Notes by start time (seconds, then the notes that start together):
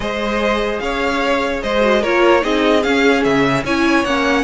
0.00 G#3 G#4 C5 D#5
0.79 C#4 C#5 F5
1.62 G#3 C5 D#5
1.80 F#4
2.01 A#3 F4 A#4 C#5
2.41 C4 D#4 G#4 D#5
2.82 C#4 F5
3.23 C#3 E5
3.63 C#4 E4 C#5 G#5
4.04 A#3 C#4 F#5